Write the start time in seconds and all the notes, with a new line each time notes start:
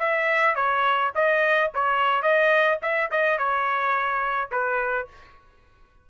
0.00 E5
0.56 C#5
1.15 D#5
1.74 C#5
2.23 D#5
2.83 E5
3.11 D#5
3.38 C#5
4.52 B4